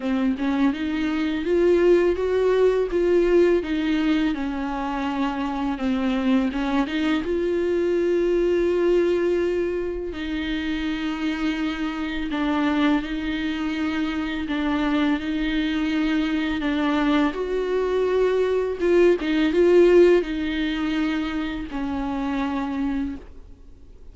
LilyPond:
\new Staff \with { instrumentName = "viola" } { \time 4/4 \tempo 4 = 83 c'8 cis'8 dis'4 f'4 fis'4 | f'4 dis'4 cis'2 | c'4 cis'8 dis'8 f'2~ | f'2 dis'2~ |
dis'4 d'4 dis'2 | d'4 dis'2 d'4 | fis'2 f'8 dis'8 f'4 | dis'2 cis'2 | }